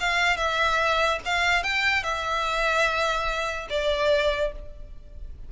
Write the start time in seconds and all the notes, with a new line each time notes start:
0.00 F5
0.37 E5
1.25 F5
1.63 G5
2.03 E5
3.70 D5